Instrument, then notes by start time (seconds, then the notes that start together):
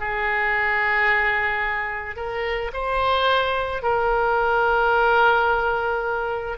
oboe
0.00 G#4
2.16 A#4
2.74 C5
3.83 A#4